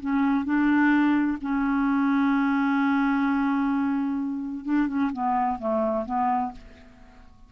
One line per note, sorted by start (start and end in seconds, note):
0.00 0.45 C#4
0.45 1.38 D4
1.41 4.65 C#4
4.65 4.88 D4
4.88 5.11 C#4
5.12 5.59 B3
5.59 6.05 A3
6.05 6.52 B3